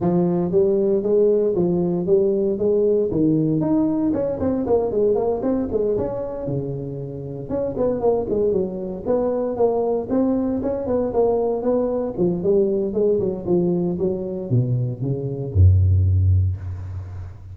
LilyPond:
\new Staff \with { instrumentName = "tuba" } { \time 4/4 \tempo 4 = 116 f4 g4 gis4 f4 | g4 gis4 dis4 dis'4 | cis'8 c'8 ais8 gis8 ais8 c'8 gis8 cis'8~ | cis'8 cis2 cis'8 b8 ais8 |
gis8 fis4 b4 ais4 c'8~ | c'8 cis'8 b8 ais4 b4 f8 | g4 gis8 fis8 f4 fis4 | b,4 cis4 fis,2 | }